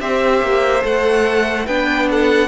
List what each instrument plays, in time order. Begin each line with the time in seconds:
0.00 cello C4, viola G4, violin C5 E5
0.42 cello A#3
0.81 cello A3, viola A4, violin F#5
1.66 cello B3, viola D4, violin B4 G5
2.11 violin A4 F#5